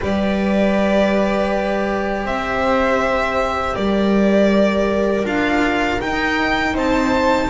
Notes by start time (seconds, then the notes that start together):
0.00 G3 G4 B4 D5
2.24 C4 C5 E5
3.75 G3 A#4 D5
5.24 D4 F4 F5
6.00 D#4 G5
6.73 C4 C5 A5